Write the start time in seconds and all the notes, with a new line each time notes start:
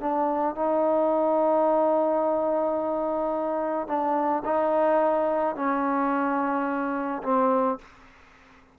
0.00 D4
0.55 D#4
3.87 D4
4.45 D#4
5.56 C#4
7.22 C4